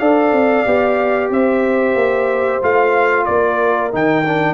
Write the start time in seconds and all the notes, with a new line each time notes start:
0.00 D4 A4 D5 F5
0.32 C4
0.66 B3 G4
1.30 C4 C5 E5
1.95 A#3
2.62 A3 F4 F5
3.25 A#3 A#4 D5
3.92 D#3 D#4 G5
4.25 D4